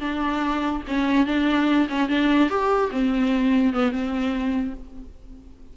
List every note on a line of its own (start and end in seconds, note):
0.00 0.82 D4
0.88 1.26 C#4
1.26 1.88 D4
1.89 2.09 C#4
2.09 2.50 D4
2.50 2.91 G4
2.91 3.73 C4
3.73 3.92 B3
3.92 4.74 C4